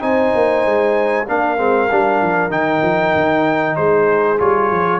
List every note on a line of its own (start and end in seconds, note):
0.00 0.33 C4
0.00 1.25 D#4
0.00 1.27 C5
0.00 1.27 G#5
0.35 0.65 A#3
0.65 1.28 G#3
1.28 1.58 A#3
1.28 1.58 D4
1.28 3.77 A#4
1.28 2.51 F5
1.58 1.89 G#3
1.58 1.89 C4
1.91 2.22 G3
1.91 2.50 D4
2.22 2.50 F3
2.50 2.81 D#3
2.50 4.38 D#4
2.50 3.76 G5
2.82 3.13 F3
3.15 3.77 D#3
3.76 4.40 G#3
3.76 5.00 G#4
3.76 4.39 C5
4.38 4.71 G3
4.38 5.00 F4
4.38 5.00 C#5
4.71 5.00 F3